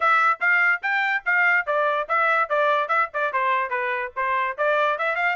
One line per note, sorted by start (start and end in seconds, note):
0.00 0.39 E5
0.40 0.81 F5
0.82 1.23 G5
1.25 1.66 F5
1.66 2.07 D5
2.08 2.49 E5
2.49 2.88 D5
2.88 3.09 E5
3.13 3.33 D5
3.33 3.70 C5
3.70 4.11 B4
4.15 4.57 C5
4.57 4.98 D5
4.98 5.15 E5
5.15 5.35 F5